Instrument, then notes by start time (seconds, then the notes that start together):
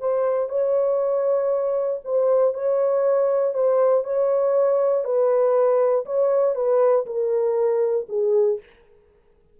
horn
0.00 C5
0.49 C#5
2.04 C5
2.54 C#5
3.54 C5
4.04 C#5
5.04 B4
6.05 C#5
6.55 B4
7.06 A#4
8.09 G#4